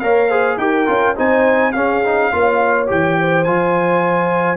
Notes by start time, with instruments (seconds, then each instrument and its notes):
0.00 tuba A#3, trombone A#4, horn C#5, trumpet F5
0.29 trombone G#4, horn C5
0.57 tuba D#4, trombone G4, horn A#4, trumpet G5
0.87 tuba C#4, trombone F4
1.15 tuba C4, trombone D#4, horn C5, trumpet G#5
1.72 tuba C#4, trombone C#4, horn G#4, trumpet F5
2.05 trombone D#4
2.32 tuba A#3, trombone F4, horn C#5
2.87 tuba E3, trombone G4, trumpet G5
3.19 horn C5
3.44 tuba F3, trombone F4, trumpet G#5